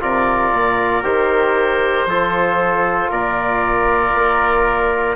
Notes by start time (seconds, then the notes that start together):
0.00 C3 F4 A#4 D5
0.53 A#2
1.03 D#3 G4 C5
2.06 F3 F4 A4
3.10 A#2 A#4 D5
4.14 A#3